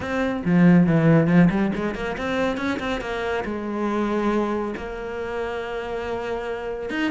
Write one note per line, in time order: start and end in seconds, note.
0.00 0.42 C4
0.45 0.86 F3
0.86 1.27 E3
1.27 1.49 F3
1.50 1.71 G3
1.75 1.94 G#3
1.94 2.16 A#3
2.17 2.57 C4
2.57 2.78 C#4
2.79 3.00 C4
3.00 3.44 A#3
3.45 4.74 G#3
4.76 6.90 A#3
6.90 7.11 D#4